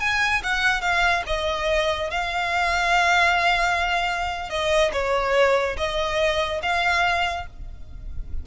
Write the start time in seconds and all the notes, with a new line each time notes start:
0.00 G#5
0.43 F#5
0.81 F5
1.26 D#5
2.10 F5
4.50 D#5
4.92 C#5
5.77 D#5
6.62 F5